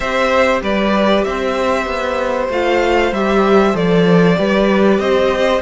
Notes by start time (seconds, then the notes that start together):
0.00 C4 G4 C5 E5
0.62 G3 B4 D5
1.24 C4 C5 E5
1.86 B3
2.49 A3 F4 F5
3.11 G3 G4 E5
3.73 F3 A4 D5
4.37 G3 G4 B4
4.98 C4 C5 D#5